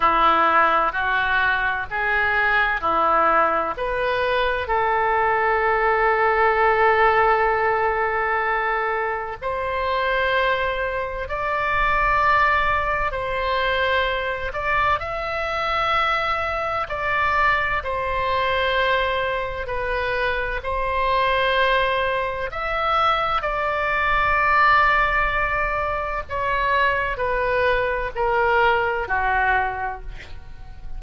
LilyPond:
\new Staff \with { instrumentName = "oboe" } { \time 4/4 \tempo 4 = 64 e'4 fis'4 gis'4 e'4 | b'4 a'2.~ | a'2 c''2 | d''2 c''4. d''8 |
e''2 d''4 c''4~ | c''4 b'4 c''2 | e''4 d''2. | cis''4 b'4 ais'4 fis'4 | }